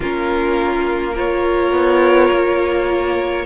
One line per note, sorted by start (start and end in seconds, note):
0.00 1.71 A#3
0.00 1.15 C#4
0.00 1.14 F4
0.00 1.17 A#4
1.14 3.45 F4
1.14 3.45 A#4
1.14 3.45 C#5
1.72 2.29 B3
2.31 3.45 A#3